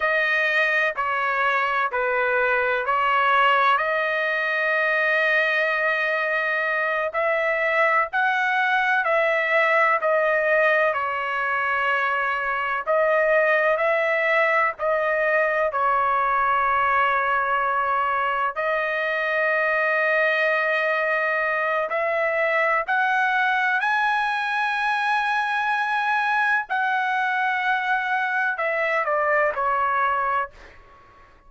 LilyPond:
\new Staff \with { instrumentName = "trumpet" } { \time 4/4 \tempo 4 = 63 dis''4 cis''4 b'4 cis''4 | dis''2.~ dis''8 e''8~ | e''8 fis''4 e''4 dis''4 cis''8~ | cis''4. dis''4 e''4 dis''8~ |
dis''8 cis''2. dis''8~ | dis''2. e''4 | fis''4 gis''2. | fis''2 e''8 d''8 cis''4 | }